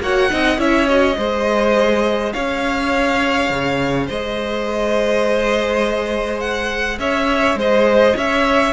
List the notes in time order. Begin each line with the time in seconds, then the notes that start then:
0.00 A#3 F#4 C#5 F#5
0.30 C4 D#4 D#5
0.57 C#4 E4 C#5 E5
0.88 F#4 D#5
1.16 G#3 G#4 C5
2.33 C#4 C#5 F5
3.50 C#3
4.06 G#3 C5 D#5
6.40 F#5
6.99 C#4 C#5 E5
7.55 G#3 C5 D#5
8.15 C#4 C#5 E5